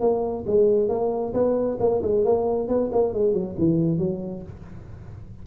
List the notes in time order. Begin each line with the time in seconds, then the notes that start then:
0.00 A#3
0.46 G#3
0.88 A#3
1.34 B3
1.80 A#3
2.02 G#3
2.25 A#3
2.68 B3
2.92 A#3
3.13 G#3
3.33 F#3
3.58 E3
3.98 F#3